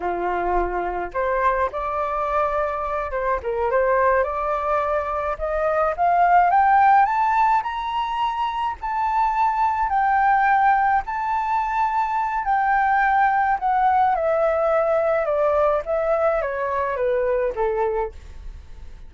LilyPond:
\new Staff \with { instrumentName = "flute" } { \time 4/4 \tempo 4 = 106 f'2 c''4 d''4~ | d''4. c''8 ais'8 c''4 d''8~ | d''4. dis''4 f''4 g''8~ | g''8 a''4 ais''2 a''8~ |
a''4. g''2 a''8~ | a''2 g''2 | fis''4 e''2 d''4 | e''4 cis''4 b'4 a'4 | }